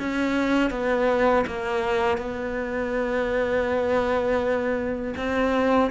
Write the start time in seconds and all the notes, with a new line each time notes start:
0.00 C#4
0.71 B3
1.47 A#3
2.18 B3
5.17 C4